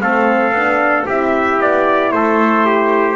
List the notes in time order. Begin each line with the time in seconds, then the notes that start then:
0.00 A3 C4 A4 F5
0.51 B3 D4
1.06 C4 E4 G4 E5
1.60 B3 D5
2.12 A3 A4 C5
2.65 G4